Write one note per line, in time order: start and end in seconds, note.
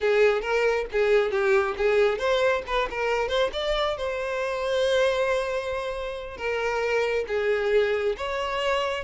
0.01 0.41 G#4
0.41 0.85 A#4
0.92 1.31 G#4
1.31 1.75 G4
1.77 2.18 G#4
2.18 2.62 C5
2.66 2.88 B4
2.90 3.28 A#4
3.28 3.50 C5
3.53 3.97 D5
3.97 6.37 C5
6.37 7.25 A#4
7.27 8.16 G#4
8.17 9.03 C#5